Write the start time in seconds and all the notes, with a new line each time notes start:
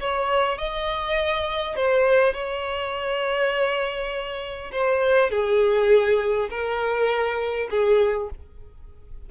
0.00 C#5
0.58 D#5
1.76 C5
2.34 C#5
4.72 C5
5.31 G#4
6.50 A#4
7.70 G#4